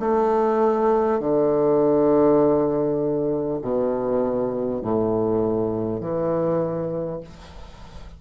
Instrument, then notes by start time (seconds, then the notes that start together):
bassoon
0.00 A3
1.20 D3
3.62 B2
4.82 A2
6.01 E3